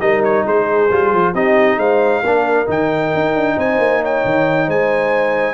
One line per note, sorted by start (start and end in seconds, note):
0.00 0.44 G3
0.00 0.89 D#4
0.00 0.46 A#4
0.00 0.22 D#5
0.23 0.46 C#5
0.45 0.90 G#3
0.45 1.33 G#4
0.45 1.34 C5
0.90 1.12 G3
0.90 1.35 F4
1.12 1.33 F3
1.33 1.77 C4
1.33 2.23 D#4
1.33 1.77 G4
1.33 1.79 D#5
1.77 2.21 G#3
1.77 2.21 C5
1.77 2.68 F5
2.22 2.67 A#3
2.22 2.66 D4
2.22 3.56 A#4
2.66 3.13 D#3
2.66 5.54 D#4
2.66 3.59 G5
3.14 3.34 D#4
3.34 3.56 D4
3.57 3.78 C4
3.57 4.01 C5
3.57 4.04 G#5
3.78 4.22 A#3
4.01 4.65 C#5
4.01 4.69 G5
4.24 4.67 D#3
4.65 5.54 G#3
4.65 5.54 C5
4.65 5.54 G#5